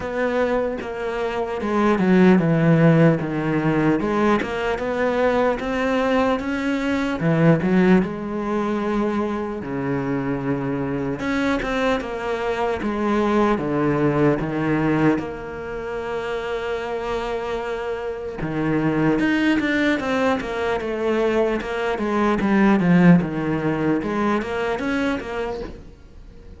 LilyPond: \new Staff \with { instrumentName = "cello" } { \time 4/4 \tempo 4 = 75 b4 ais4 gis8 fis8 e4 | dis4 gis8 ais8 b4 c'4 | cis'4 e8 fis8 gis2 | cis2 cis'8 c'8 ais4 |
gis4 d4 dis4 ais4~ | ais2. dis4 | dis'8 d'8 c'8 ais8 a4 ais8 gis8 | g8 f8 dis4 gis8 ais8 cis'8 ais8 | }